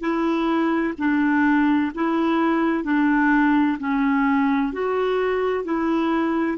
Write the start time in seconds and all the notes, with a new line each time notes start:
0.00 E4
0.98 D4
1.95 E4
2.84 D4
3.79 C#4
4.73 F#4
5.64 E4